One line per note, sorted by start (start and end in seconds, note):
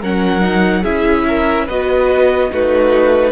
0.00 0.84 F#3
0.00 0.41 C#4
0.00 0.82 A#4
0.00 0.84 F#5
0.41 0.83 D#4
0.82 1.68 C#4
0.82 1.67 E4
0.82 1.24 G#4
0.82 1.67 E5
1.27 1.65 A#4
1.65 2.51 B3
1.65 2.50 F#4
1.65 2.48 B4
1.65 2.52 D#5
2.50 3.31 A3
2.50 3.31 D#4
2.50 3.31 F#4
2.50 3.31 B4